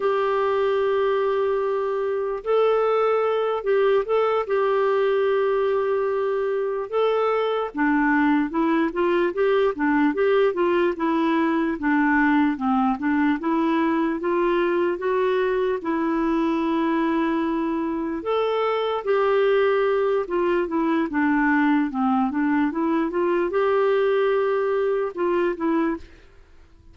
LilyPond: \new Staff \with { instrumentName = "clarinet" } { \time 4/4 \tempo 4 = 74 g'2. a'4~ | a'8 g'8 a'8 g'2~ g'8~ | g'8 a'4 d'4 e'8 f'8 g'8 | d'8 g'8 f'8 e'4 d'4 c'8 |
d'8 e'4 f'4 fis'4 e'8~ | e'2~ e'8 a'4 g'8~ | g'4 f'8 e'8 d'4 c'8 d'8 | e'8 f'8 g'2 f'8 e'8 | }